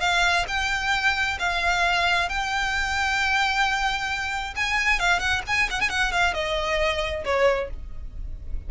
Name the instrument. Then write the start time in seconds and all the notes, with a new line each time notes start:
violin
0.00 F5
0.48 G5
1.39 F5
2.28 G5
4.55 G#5
4.99 F5
5.19 F#5
5.46 G#5
5.70 F#5
5.80 G#5
5.89 F#5
6.11 F5
6.33 D#5
7.24 C#5